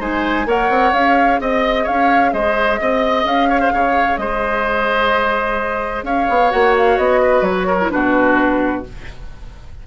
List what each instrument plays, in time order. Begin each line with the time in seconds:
0.00 bassoon G#3, clarinet D#4, oboe C5, flute G#5
0.47 bassoon A#3, clarinet A#4, oboe C#5, flute F#5
0.70 bassoon C4
0.93 bassoon C#4, clarinet G#4, flute F5
1.40 bassoon C4, oboe D#5, flute D#5
1.84 bassoon C#4, oboe C#5, flute F5
2.34 bassoon G#3, oboe C5, flute D#5
2.81 bassoon C4, oboe D#5
3.25 bassoon C#4, flute F5
3.50 oboe C#5
3.61 oboe C5
3.73 bassoon C#3, oboe C#5
4.18 bassoon G#3, oboe C5, flute D#5
6.03 bassoon C#4, oboe C#5, flute F5
6.30 bassoon B3
6.50 bassoon A#3, clarinet F#4, flute F#5
6.78 flute F5
6.98 bassoon B3, flute D#5
7.22 oboe B4
7.42 bassoon F#3, flute C#5
7.68 oboe A#4
7.81 clarinet E4
7.91 bassoon B2, clarinet D4, oboe F#4, flute B4